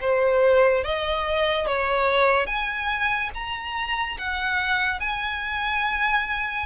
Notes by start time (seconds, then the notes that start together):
0.00 C5
0.83 D#5
1.67 C#5
2.46 G#5
3.34 A#5
4.17 F#5
5.00 G#5